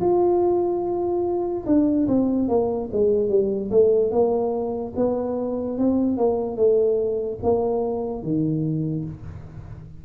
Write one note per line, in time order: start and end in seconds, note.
0.00 1.64 F4
1.66 2.07 D4
2.07 2.48 C4
2.48 2.89 A#3
2.92 3.29 G#3
3.29 3.70 G3
3.71 4.11 A3
4.11 4.93 A#3
4.96 5.78 B3
5.78 6.17 C4
6.17 6.56 A#3
6.56 7.38 A3
7.42 8.22 A#3
8.22 9.04 D#3